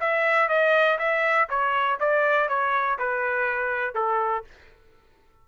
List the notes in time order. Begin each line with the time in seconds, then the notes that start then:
0.00 E5
0.48 D#5
0.98 E5
1.49 C#5
2.00 D5
2.48 C#5
2.99 B4
3.95 A4